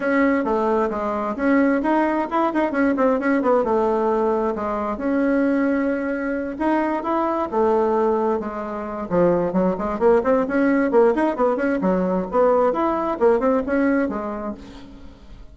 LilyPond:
\new Staff \with { instrumentName = "bassoon" } { \time 4/4 \tempo 4 = 132 cis'4 a4 gis4 cis'4 | dis'4 e'8 dis'8 cis'8 c'8 cis'8 b8 | a2 gis4 cis'4~ | cis'2~ cis'8 dis'4 e'8~ |
e'8 a2 gis4. | f4 fis8 gis8 ais8 c'8 cis'4 | ais8 dis'8 b8 cis'8 fis4 b4 | e'4 ais8 c'8 cis'4 gis4 | }